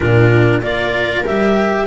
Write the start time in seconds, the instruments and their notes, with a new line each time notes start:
0.00 double bass A#2, cello D4, viola F4, clarinet A#4
0.61 double bass A#3, cello F4, viola A#4, clarinet D5
1.25 double bass G3, cello G4, clarinet E5